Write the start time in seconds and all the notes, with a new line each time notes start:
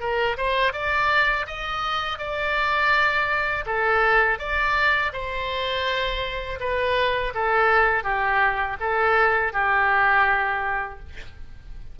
0.00 A#4
0.37 C5
0.73 D5
1.46 D#5
2.18 D5
3.66 A4
4.39 D5
5.13 C5
6.60 B4
7.34 A4
8.03 G4
8.80 A4
9.53 G4